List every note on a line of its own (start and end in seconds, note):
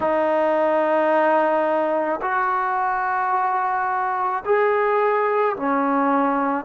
0.00 2.20 D#4
2.21 4.43 F#4
4.44 5.56 G#4
5.56 6.65 C#4